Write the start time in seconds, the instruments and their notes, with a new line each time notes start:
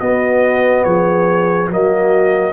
0.00 tuba B3, trombone B3, horn F#4, trumpet D#5
0.84 tuba F3, horn G#4, trumpet C#5
1.69 tuba F#3, trombone A#3, horn F#4, trumpet D#5